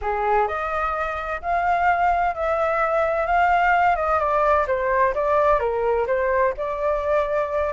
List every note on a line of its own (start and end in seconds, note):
0.01 0.47 G#4
0.47 1.41 D#5
1.41 2.34 F5
2.34 3.26 E5
3.26 3.95 F5
3.95 4.19 D#5
4.19 4.66 D5
4.67 5.13 C5
5.14 5.59 D5
5.59 6.06 A#4
6.06 6.53 C5
6.57 7.73 D5